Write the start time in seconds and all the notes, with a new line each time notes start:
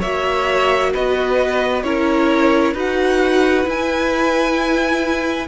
0.00 A#3 F#4 C#5 E5
0.93 B3 B4 D#5
1.83 C#4 E4 A#4 C#5
2.74 D#4 F#4 B4 F#5
3.65 E4 G#5